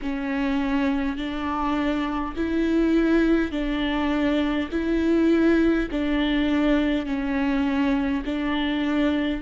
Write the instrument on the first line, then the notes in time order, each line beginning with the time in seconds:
viola
0.02 C#4
1.17 D4
2.36 E4
3.51 D4
4.71 E4
5.91 D4
7.06 C#4
8.25 D4